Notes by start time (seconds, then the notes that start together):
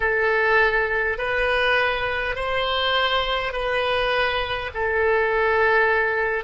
0.00 A4
1.18 B4
2.35 C5
3.52 B4
4.73 A4